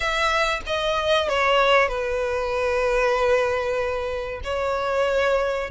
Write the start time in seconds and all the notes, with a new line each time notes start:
0.00 E5
0.66 D#5
1.28 C#5
1.88 B4
4.44 C#5